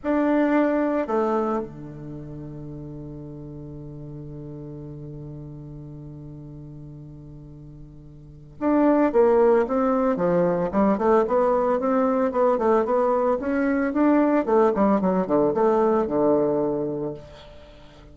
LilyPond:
\new Staff \with { instrumentName = "bassoon" } { \time 4/4 \tempo 4 = 112 d'2 a4 d4~ | d1~ | d1~ | d1 |
d'4 ais4 c'4 f4 | g8 a8 b4 c'4 b8 a8 | b4 cis'4 d'4 a8 g8 | fis8 d8 a4 d2 | }